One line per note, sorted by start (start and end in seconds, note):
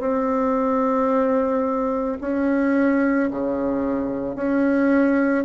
0.00 2.18 C4
2.21 3.30 C#4
3.31 4.36 C#3
4.36 5.45 C#4